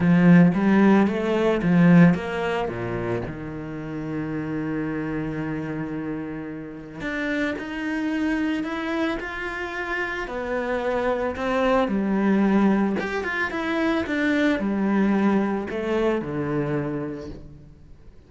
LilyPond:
\new Staff \with { instrumentName = "cello" } { \time 4/4 \tempo 4 = 111 f4 g4 a4 f4 | ais4 ais,4 dis2~ | dis1~ | dis4 d'4 dis'2 |
e'4 f'2 b4~ | b4 c'4 g2 | g'8 f'8 e'4 d'4 g4~ | g4 a4 d2 | }